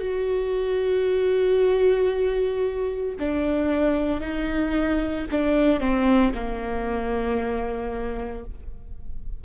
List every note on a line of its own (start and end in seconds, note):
0.00 3.16 F#4
3.19 4.21 D4
4.21 5.26 D#4
5.32 5.80 D4
5.80 6.33 C4
6.34 8.45 A#3